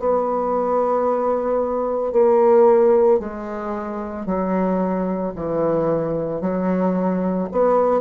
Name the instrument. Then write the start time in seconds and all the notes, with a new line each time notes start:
bassoon
0.00 B3
2.13 A#3
3.20 G#3
4.26 F#3
5.36 E3
6.41 F#3
7.52 B3